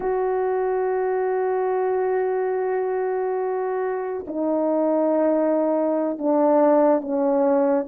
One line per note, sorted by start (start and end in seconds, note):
0.00 4.25 F#4
4.27 6.18 D#4
6.18 7.01 D4
7.01 7.86 C#4